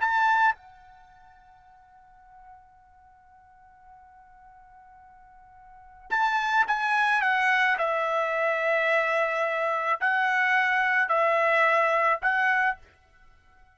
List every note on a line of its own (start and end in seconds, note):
0.00 0.55 A5
0.55 6.10 F#5
6.10 6.65 A5
6.67 7.21 G#5
7.21 7.77 F#5
7.78 10.00 E5
10.01 11.08 F#5
11.08 12.19 E5
12.21 12.77 F#5